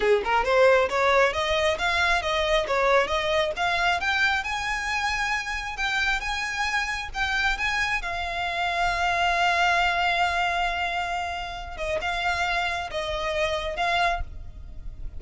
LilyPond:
\new Staff \with { instrumentName = "violin" } { \time 4/4 \tempo 4 = 135 gis'8 ais'8 c''4 cis''4 dis''4 | f''4 dis''4 cis''4 dis''4 | f''4 g''4 gis''2~ | gis''4 g''4 gis''2 |
g''4 gis''4 f''2~ | f''1~ | f''2~ f''8 dis''8 f''4~ | f''4 dis''2 f''4 | }